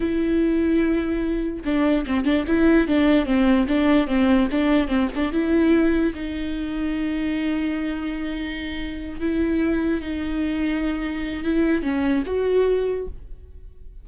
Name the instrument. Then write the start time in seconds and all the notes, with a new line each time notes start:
viola
0.00 E4
1.64 D4
2.06 C4
2.24 D4
2.47 E4
2.87 D4
3.25 C4
3.68 D4
4.07 C4
4.51 D4
4.87 C4
5.15 D4
5.32 E4
6.14 D#4
9.20 E4
10.01 D#4
11.43 E4
11.82 C#4
12.26 F#4